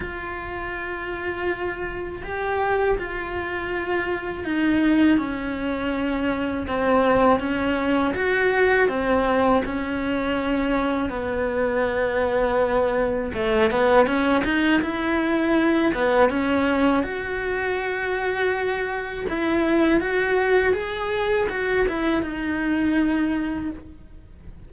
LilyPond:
\new Staff \with { instrumentName = "cello" } { \time 4/4 \tempo 4 = 81 f'2. g'4 | f'2 dis'4 cis'4~ | cis'4 c'4 cis'4 fis'4 | c'4 cis'2 b4~ |
b2 a8 b8 cis'8 dis'8 | e'4. b8 cis'4 fis'4~ | fis'2 e'4 fis'4 | gis'4 fis'8 e'8 dis'2 | }